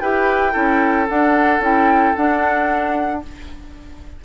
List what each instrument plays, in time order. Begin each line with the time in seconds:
0.00 bassoon E4, clarinet G4, oboe B4, flute G5
0.53 bassoon C#4, clarinet E4, oboe A4
1.09 bassoon D4, clarinet D4, flute F#5
1.60 bassoon C#4, clarinet E4, flute G5
2.16 clarinet D4, bassoon D4, flute F#5